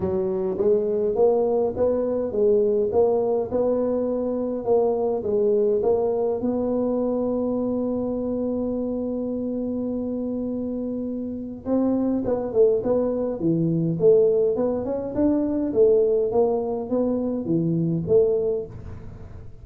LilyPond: \new Staff \with { instrumentName = "tuba" } { \time 4/4 \tempo 4 = 103 fis4 gis4 ais4 b4 | gis4 ais4 b2 | ais4 gis4 ais4 b4~ | b1~ |
b1 | c'4 b8 a8 b4 e4 | a4 b8 cis'8 d'4 a4 | ais4 b4 e4 a4 | }